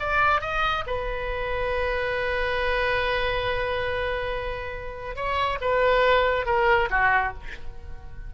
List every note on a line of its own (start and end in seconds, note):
0.00 0.41 D5
0.41 0.85 D#5
0.87 5.16 B4
5.16 5.59 C#5
5.61 6.46 B4
6.46 6.89 A#4
6.90 7.34 F#4